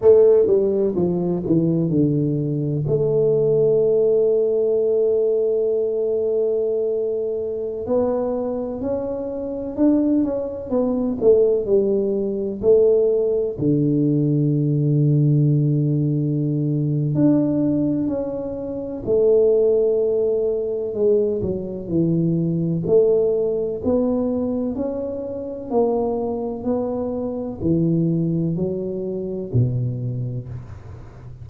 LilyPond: \new Staff \with { instrumentName = "tuba" } { \time 4/4 \tempo 4 = 63 a8 g8 f8 e8 d4 a4~ | a1~ | a16 b4 cis'4 d'8 cis'8 b8 a16~ | a16 g4 a4 d4.~ d16~ |
d2 d'4 cis'4 | a2 gis8 fis8 e4 | a4 b4 cis'4 ais4 | b4 e4 fis4 b,4 | }